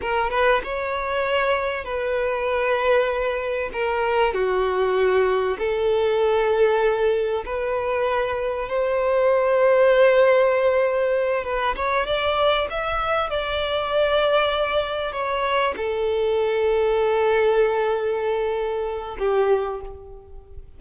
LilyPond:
\new Staff \with { instrumentName = "violin" } { \time 4/4 \tempo 4 = 97 ais'8 b'8 cis''2 b'4~ | b'2 ais'4 fis'4~ | fis'4 a'2. | b'2 c''2~ |
c''2~ c''8 b'8 cis''8 d''8~ | d''8 e''4 d''2~ d''8~ | d''8 cis''4 a'2~ a'8~ | a'2. g'4 | }